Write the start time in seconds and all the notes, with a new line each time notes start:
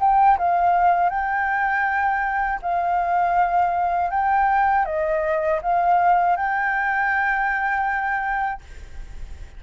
0.00 G5
0.38 F5
1.10 G5
2.62 F5
4.10 G5
4.85 D#5
5.62 F5
6.36 G5